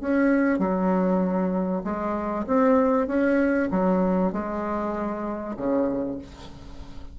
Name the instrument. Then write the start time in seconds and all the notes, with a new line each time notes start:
bassoon
0.00 C#4
0.58 F#3
1.84 G#3
2.46 C4
3.07 C#4
3.70 F#3
4.32 G#3
5.56 C#3